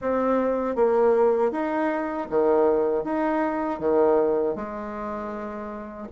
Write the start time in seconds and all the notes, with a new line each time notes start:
0.01 C4
0.75 A#3
1.51 D#4
2.30 D#3
3.04 D#4
3.79 D#3
4.55 G#3